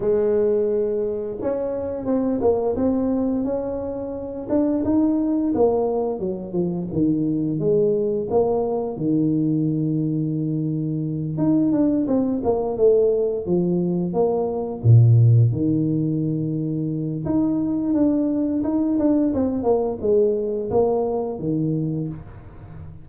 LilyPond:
\new Staff \with { instrumentName = "tuba" } { \time 4/4 \tempo 4 = 87 gis2 cis'4 c'8 ais8 | c'4 cis'4. d'8 dis'4 | ais4 fis8 f8 dis4 gis4 | ais4 dis2.~ |
dis8 dis'8 d'8 c'8 ais8 a4 f8~ | f8 ais4 ais,4 dis4.~ | dis4 dis'4 d'4 dis'8 d'8 | c'8 ais8 gis4 ais4 dis4 | }